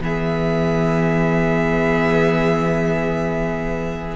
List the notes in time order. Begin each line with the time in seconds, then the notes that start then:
0.00 E3 B3 G#4 E5